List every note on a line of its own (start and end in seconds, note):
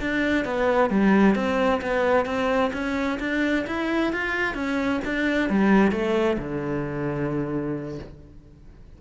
0.00 0.45 D4
0.45 0.90 B3
0.90 1.35 G3
1.35 1.80 C4
1.81 2.25 B3
2.25 2.71 C4
2.73 3.19 C#4
3.19 3.65 D4
3.67 4.12 E4
4.12 4.54 F4
4.54 5.00 C#4
5.04 5.49 D4
5.49 5.91 G3
5.91 6.37 A3
6.38 7.98 D3